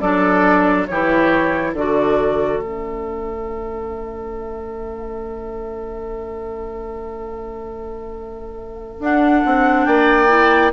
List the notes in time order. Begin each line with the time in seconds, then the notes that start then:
0.00 F#3 D4 A4 D5
0.86 E3 E4 G4 C#5
1.73 D3 F#4 A4 D5
2.57 A3 E5
2.63 C#4
8.99 D4 F#5
9.45 C4
9.85 A#3 D5 G5
10.28 E4